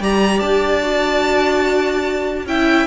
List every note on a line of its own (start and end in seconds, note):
0.00 0.41 G3
0.00 0.82 G4
0.00 2.47 D5
0.00 0.40 A#5
0.40 2.46 D4
0.40 2.45 A5
0.82 2.47 F#4
2.46 2.87 C#4
2.46 2.87 E4
2.46 2.87 E5
2.46 2.87 G5